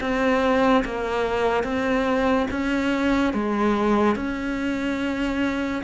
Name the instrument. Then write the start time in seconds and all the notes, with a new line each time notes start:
cello
0.00 C4
0.84 A#3
1.63 C4
2.50 C#4
3.33 G#3
4.15 C#4